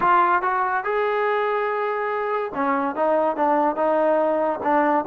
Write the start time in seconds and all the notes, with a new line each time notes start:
0.00 F4
0.42 F#4
0.84 G#4
2.54 C#4
2.95 D#4
3.36 D4
3.76 D#4
4.63 D4